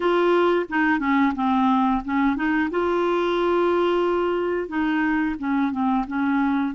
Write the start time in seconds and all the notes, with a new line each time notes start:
0.00 F4
0.69 D#4
0.99 C#4
1.35 C4
2.04 C#4
2.36 D#4
2.70 F4
4.68 D#4
5.38 C#4
5.71 C4
6.07 C#4